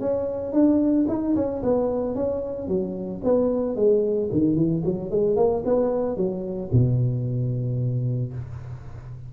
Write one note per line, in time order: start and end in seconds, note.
0.00 0.53 C#4
0.53 1.07 D4
1.09 1.35 D#4
1.36 1.62 C#4
1.63 2.15 B3
2.15 2.68 C#4
2.68 3.22 F#3
3.24 3.76 B3
3.76 4.30 G#3
4.32 4.56 D#3
4.56 4.83 E3
4.85 5.11 F#3
5.11 5.36 G#3
5.36 5.63 A#3
5.65 6.17 B3
6.17 6.70 F#3
6.73 8.33 B2